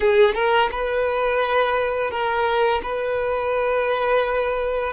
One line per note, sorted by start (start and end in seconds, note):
0.00 0.34 G#4
0.34 0.69 A#4
0.71 2.10 B4
2.10 2.81 A#4
2.82 4.93 B4